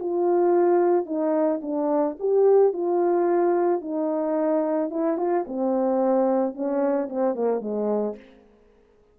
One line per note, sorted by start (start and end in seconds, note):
0.00 1.06 F4
1.06 1.60 D#4
1.62 2.17 D4
2.20 2.73 G4
2.73 3.81 F4
3.81 4.90 D#4
4.90 5.17 E4
5.18 5.45 F4
5.47 6.54 C4
6.54 7.09 C#4
7.09 7.35 C4
7.35 7.61 A#3
7.61 8.16 G#3